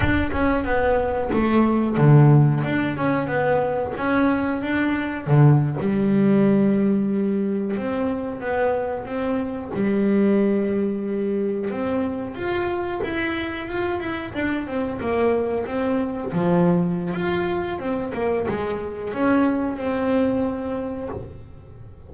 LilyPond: \new Staff \with { instrumentName = "double bass" } { \time 4/4 \tempo 4 = 91 d'8 cis'8 b4 a4 d4 | d'8 cis'8 b4 cis'4 d'4 | d8. g2. c'16~ | c'8. b4 c'4 g4~ g16~ |
g4.~ g16 c'4 f'4 e'16~ | e'8. f'8 e'8 d'8 c'8 ais4 c'16~ | c'8. f4~ f16 f'4 c'8 ais8 | gis4 cis'4 c'2 | }